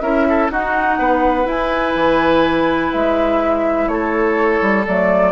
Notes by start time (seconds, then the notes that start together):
0.00 C#4 E4 A#4 E5
0.29 A4
0.50 D#4 F#4 F#5
0.98 B3 B4
1.44 E4 G#5
1.95 E3
2.92 G#3 E5
3.87 A3 A4 C#5
4.62 G3
4.86 F#3 A3 D5